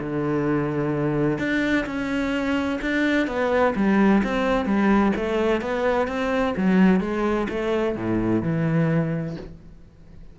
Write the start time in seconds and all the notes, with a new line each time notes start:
0.00 D3
1.38 D4
1.86 C#4
2.81 D4
3.27 B3
3.75 G3
4.23 C4
4.65 G3
5.16 A3
5.61 B3
6.07 C4
6.56 F#3
7.00 G#3
7.49 A3
7.95 A2
8.42 E3